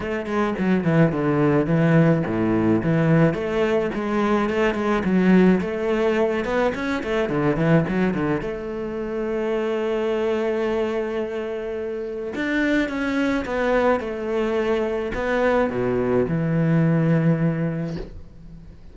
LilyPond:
\new Staff \with { instrumentName = "cello" } { \time 4/4 \tempo 4 = 107 a8 gis8 fis8 e8 d4 e4 | a,4 e4 a4 gis4 | a8 gis8 fis4 a4. b8 | cis'8 a8 d8 e8 fis8 d8 a4~ |
a1~ | a2 d'4 cis'4 | b4 a2 b4 | b,4 e2. | }